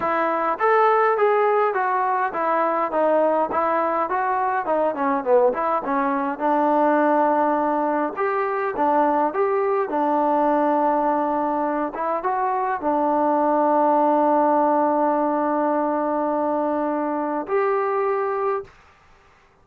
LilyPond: \new Staff \with { instrumentName = "trombone" } { \time 4/4 \tempo 4 = 103 e'4 a'4 gis'4 fis'4 | e'4 dis'4 e'4 fis'4 | dis'8 cis'8 b8 e'8 cis'4 d'4~ | d'2 g'4 d'4 |
g'4 d'2.~ | d'8 e'8 fis'4 d'2~ | d'1~ | d'2 g'2 | }